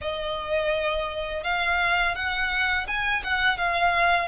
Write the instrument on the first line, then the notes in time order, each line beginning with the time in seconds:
violin
0.01 D#5
1.43 F5
2.15 F#5
2.87 G#5
3.23 F#5
3.57 F5